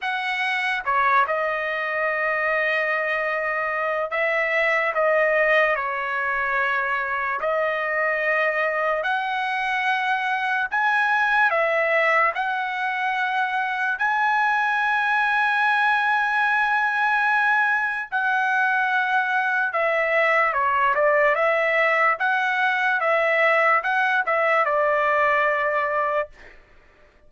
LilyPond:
\new Staff \with { instrumentName = "trumpet" } { \time 4/4 \tempo 4 = 73 fis''4 cis''8 dis''2~ dis''8~ | dis''4 e''4 dis''4 cis''4~ | cis''4 dis''2 fis''4~ | fis''4 gis''4 e''4 fis''4~ |
fis''4 gis''2.~ | gis''2 fis''2 | e''4 cis''8 d''8 e''4 fis''4 | e''4 fis''8 e''8 d''2 | }